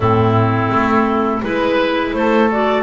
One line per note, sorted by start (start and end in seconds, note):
0.00 0.69 A2
0.00 1.43 C4
0.00 1.43 E4
0.00 1.43 A4
0.69 1.41 A3
1.42 2.13 G#3
1.42 2.50 E4
1.42 2.15 B4
1.42 2.13 B4
2.13 2.82 A3
2.13 2.82 A4
2.13 2.49 C5
2.51 2.82 F#4
2.51 2.82 D5